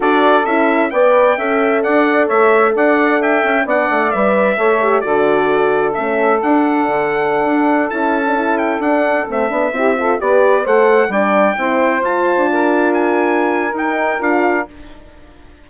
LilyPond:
<<
  \new Staff \with { instrumentName = "trumpet" } { \time 4/4 \tempo 4 = 131 d''4 e''4 g''2 | fis''4 e''4 fis''4 g''4 | fis''4 e''2 d''4~ | d''4 e''4 fis''2~ |
fis''4~ fis''16 a''4. g''8 fis''8.~ | fis''16 e''2 d''4 fis''8.~ | fis''16 g''2 a''4.~ a''16~ | a''16 gis''4.~ gis''16 g''4 f''4 | }
  \new Staff \with { instrumentName = "saxophone" } { \time 4/4 a'2 d''4 e''4 | d''4 cis''4 d''4 e''4 | d''2 cis''4 a'4~ | a'1~ |
a'1~ | a'4~ a'16 g'8 a'8 b'4 c''8.~ | c''16 d''4 c''2 ais'8.~ | ais'1 | }
  \new Staff \with { instrumentName = "horn" } { \time 4/4 fis'4 e'4 b'4 a'4~ | a'1 | d'4 b'4 a'8 g'8 fis'4~ | fis'4 cis'4 d'2~ |
d'4~ d'16 e'8. d'16 e'4 d'8.~ | d'16 c'8 d'8 e'8 f'8 g'4 a'8.~ | a'16 d'4 e'4 f'4.~ f'16~ | f'2 dis'4 f'4 | }
  \new Staff \with { instrumentName = "bassoon" } { \time 4/4 d'4 cis'4 b4 cis'4 | d'4 a4 d'4. cis'8 | b8 a8 g4 a4 d4~ | d4 a4 d'4 d4~ |
d16 d'4 cis'2 d'8.~ | d'16 a8 b8 c'4 b4 a8.~ | a16 g4 c'4 f'8. d'4~ | d'2 dis'4 d'4 | }
>>